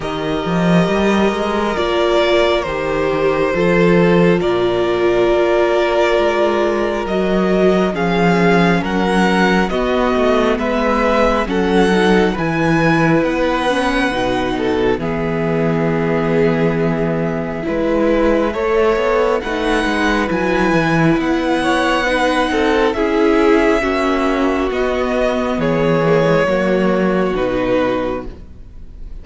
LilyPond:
<<
  \new Staff \with { instrumentName = "violin" } { \time 4/4 \tempo 4 = 68 dis''2 d''4 c''4~ | c''4 d''2. | dis''4 f''4 fis''4 dis''4 | e''4 fis''4 gis''4 fis''4~ |
fis''4 e''2.~ | e''2 fis''4 gis''4 | fis''2 e''2 | dis''4 cis''2 b'4 | }
  \new Staff \with { instrumentName = "violin" } { \time 4/4 ais'1 | a'4 ais'2.~ | ais'4 gis'4 ais'4 fis'4 | b'4 a'4 b'2~ |
b'8 a'8 gis'2. | b'4 cis''4 b'2~ | b'8 cis''8 b'8 a'8 gis'4 fis'4~ | fis'4 gis'4 fis'2 | }
  \new Staff \with { instrumentName = "viola" } { \time 4/4 g'2 f'4 g'4 | f'1 | fis'4 cis'2 b4~ | b4 cis'8 dis'8 e'4. cis'8 |
dis'4 b2. | e'4 a'4 dis'4 e'4~ | e'4 dis'4 e'4 cis'4 | b4. ais16 gis16 ais4 dis'4 | }
  \new Staff \with { instrumentName = "cello" } { \time 4/4 dis8 f8 g8 gis8 ais4 dis4 | f4 ais,4 ais4 gis4 | fis4 f4 fis4 b8 a8 | gis4 fis4 e4 b4 |
b,4 e2. | gis4 a8 b8 a8 gis8 fis8 e8 | b4. c'8 cis'4 ais4 | b4 e4 fis4 b,4 | }
>>